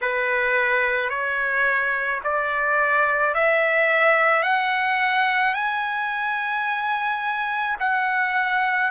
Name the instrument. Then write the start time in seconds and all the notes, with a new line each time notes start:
trumpet
0.01 B4
1.09 C#5
2.23 D5
3.34 E5
4.42 F#5
5.54 G#5
7.79 F#5